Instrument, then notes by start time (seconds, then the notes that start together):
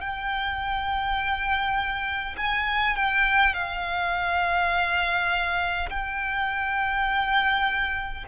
violin
0.00 G5
2.37 G#5
2.96 G5
3.53 F5
5.89 G5